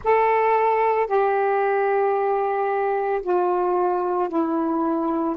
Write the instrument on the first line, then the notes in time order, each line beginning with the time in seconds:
saxophone
0.04 A4
1.07 G4
3.22 F4
4.29 E4